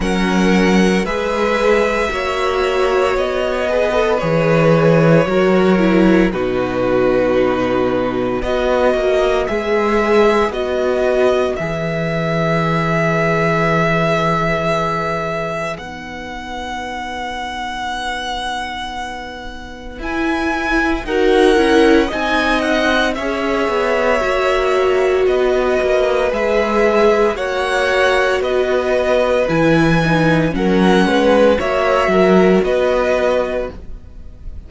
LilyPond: <<
  \new Staff \with { instrumentName = "violin" } { \time 4/4 \tempo 4 = 57 fis''4 e''2 dis''4 | cis''2 b'2 | dis''4 e''4 dis''4 e''4~ | e''2. fis''4~ |
fis''2. gis''4 | fis''4 gis''8 fis''8 e''2 | dis''4 e''4 fis''4 dis''4 | gis''4 fis''4 e''4 dis''4 | }
  \new Staff \with { instrumentName = "violin" } { \time 4/4 ais'4 b'4 cis''4. b'8~ | b'4 ais'4 fis'2 | b'1~ | b'1~ |
b'1 | ais'4 dis''4 cis''2 | b'2 cis''4 b'4~ | b'4 ais'8 b'8 cis''8 ais'8 b'4 | }
  \new Staff \with { instrumentName = "viola" } { \time 4/4 cis'4 gis'4 fis'4. gis'16 a'16 | gis'4 fis'8 e'8 dis'2 | fis'4 gis'4 fis'4 gis'4~ | gis'2. dis'4~ |
dis'2. e'4 | fis'8 e'8 dis'4 gis'4 fis'4~ | fis'4 gis'4 fis'2 | e'8 dis'8 cis'4 fis'2 | }
  \new Staff \with { instrumentName = "cello" } { \time 4/4 fis4 gis4 ais4 b4 | e4 fis4 b,2 | b8 ais8 gis4 b4 e4~ | e2. b4~ |
b2. e'4 | dis'8 cis'8 c'4 cis'8 b8 ais4 | b8 ais8 gis4 ais4 b4 | e4 fis8 gis8 ais8 fis8 b4 | }
>>